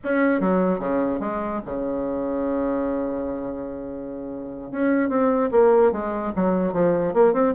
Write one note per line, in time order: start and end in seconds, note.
0.04 0.40 C#4
0.40 0.79 F#3
0.79 1.19 C#3
1.20 1.60 G#3
1.65 4.71 C#3
4.71 5.09 C#4
5.09 5.50 C4
5.51 5.91 A#3
5.91 6.32 G#3
6.35 6.73 F#3
6.73 7.13 F3
7.13 7.33 A#3
7.33 7.53 C4